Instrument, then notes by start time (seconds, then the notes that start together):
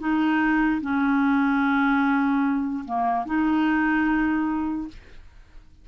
clarinet
0.00 D#4
0.81 C#4
2.85 A#3
3.26 D#4